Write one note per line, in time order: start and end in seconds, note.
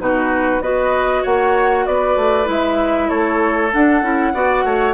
0.00 0.61 B2
0.00 0.62 D#4
0.00 0.63 F#4
0.00 0.63 B4
0.61 1.23 B3
0.61 2.45 F#4
0.61 1.23 B4
0.61 1.24 D#5
1.23 1.87 A#3
1.23 1.85 C#5
1.23 1.86 F#5
1.86 2.16 B3
1.86 3.09 B4
1.86 2.48 D5
2.16 2.47 A3
2.45 3.10 G#3
2.45 3.69 E4
2.45 3.10 E5
3.09 3.73 A3
3.09 4.33 A4
3.09 3.72 C#5
3.73 4.03 D4
3.73 4.02 D4
3.73 4.95 F#5
4.02 4.33 C#4
4.02 4.34 E4
4.34 4.64 B3
4.34 4.95 F#4
4.34 4.65 D5
4.64 4.95 A3
4.64 4.95 C#5